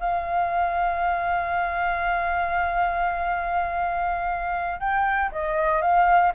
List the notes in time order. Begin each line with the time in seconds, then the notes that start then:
0.00 F5
4.80 G5
5.32 D#5
5.81 F5